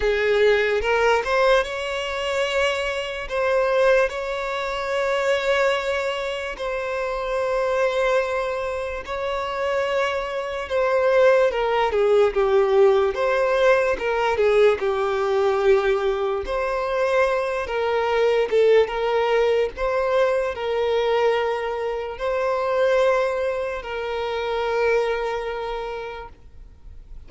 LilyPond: \new Staff \with { instrumentName = "violin" } { \time 4/4 \tempo 4 = 73 gis'4 ais'8 c''8 cis''2 | c''4 cis''2. | c''2. cis''4~ | cis''4 c''4 ais'8 gis'8 g'4 |
c''4 ais'8 gis'8 g'2 | c''4. ais'4 a'8 ais'4 | c''4 ais'2 c''4~ | c''4 ais'2. | }